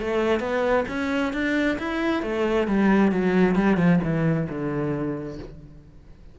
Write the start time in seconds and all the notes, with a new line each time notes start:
0.00 A3
0.40 B3
0.88 C#4
1.33 D4
1.78 E4
2.22 A3
2.67 G3
3.12 F#3
3.55 G3
3.77 F3
4.03 E3
4.49 D3